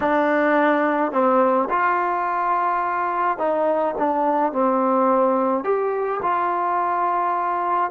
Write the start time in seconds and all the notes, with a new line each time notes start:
0.00 D4
1.12 C4
1.69 F4
3.38 D#4
3.97 D4
4.52 C4
5.63 G4
6.22 F4